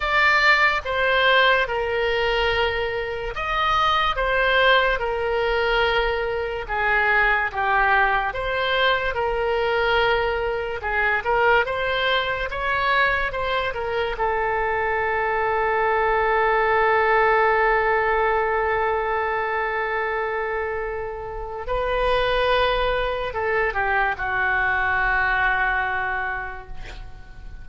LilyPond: \new Staff \with { instrumentName = "oboe" } { \time 4/4 \tempo 4 = 72 d''4 c''4 ais'2 | dis''4 c''4 ais'2 | gis'4 g'4 c''4 ais'4~ | ais'4 gis'8 ais'8 c''4 cis''4 |
c''8 ais'8 a'2.~ | a'1~ | a'2 b'2 | a'8 g'8 fis'2. | }